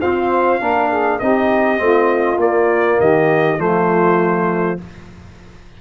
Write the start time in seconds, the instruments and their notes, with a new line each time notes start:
0.00 trombone C4, tuba F4, saxophone C5, trumpet F5
0.59 tuba A#3, trombone D4, saxophone A#4
0.89 saxophone G#4
1.19 tuba C4, trombone D#4, saxophone G4, trumpet D#5
1.77 tuba A3, trombone C4, saxophone F4
2.37 tuba A#3, trombone A#3, trumpet D5
2.99 tuba D#3, saxophone G4, trumpet D#5
3.58 tuba F3, trombone A3, saxophone F4, trumpet C5